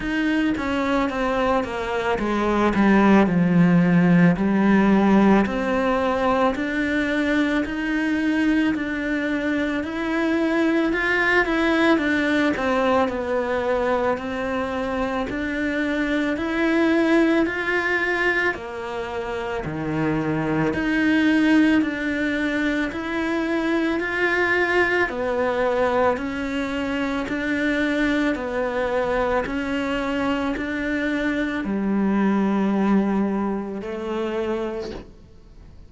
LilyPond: \new Staff \with { instrumentName = "cello" } { \time 4/4 \tempo 4 = 55 dis'8 cis'8 c'8 ais8 gis8 g8 f4 | g4 c'4 d'4 dis'4 | d'4 e'4 f'8 e'8 d'8 c'8 | b4 c'4 d'4 e'4 |
f'4 ais4 dis4 dis'4 | d'4 e'4 f'4 b4 | cis'4 d'4 b4 cis'4 | d'4 g2 a4 | }